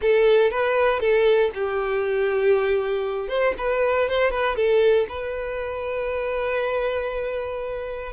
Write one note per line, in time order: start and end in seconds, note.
0.01 0.50 A4
0.50 1.00 B4
1.00 1.50 A4
1.54 3.28 G4
3.28 3.53 C5
3.57 4.08 B4
4.08 4.31 C5
4.31 4.56 B4
4.56 5.06 A4
5.08 8.12 B4